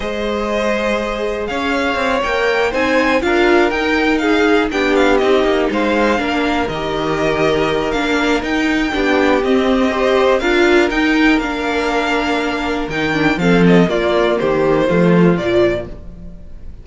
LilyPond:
<<
  \new Staff \with { instrumentName = "violin" } { \time 4/4 \tempo 4 = 121 dis''2. f''4~ | f''8 g''4 gis''4 f''4 g''8~ | g''8 f''4 g''8 f''8 dis''4 f''8~ | f''4. dis''2~ dis''8 |
f''4 g''2 dis''4~ | dis''4 f''4 g''4 f''4~ | f''2 g''4 f''8 dis''8 | d''4 c''2 d''4 | }
  \new Staff \with { instrumentName = "violin" } { \time 4/4 c''2. cis''4~ | cis''4. c''4 ais'4.~ | ais'8 gis'4 g'2 c''8~ | c''8 ais'2.~ ais'8~ |
ais'2 g'2 | c''4 ais'2.~ | ais'2. a'4 | f'4 g'4 f'2 | }
  \new Staff \with { instrumentName = "viola" } { \time 4/4 gis'1~ | gis'8 ais'4 dis'4 f'4 dis'8~ | dis'4. d'4 dis'4.~ | dis'8 d'4 g'2~ g'8 |
d'4 dis'4 d'4 c'4 | g'4 f'4 dis'4 d'4~ | d'2 dis'8 d'8 c'4 | ais2 a4 f4 | }
  \new Staff \with { instrumentName = "cello" } { \time 4/4 gis2. cis'4 | c'8 ais4 c'4 d'4 dis'8~ | dis'4. b4 c'8 ais8 gis8~ | gis8 ais4 dis2~ dis8 |
ais4 dis'4 b4 c'4~ | c'4 d'4 dis'4 ais4~ | ais2 dis4 f4 | ais4 dis4 f4 ais,4 | }
>>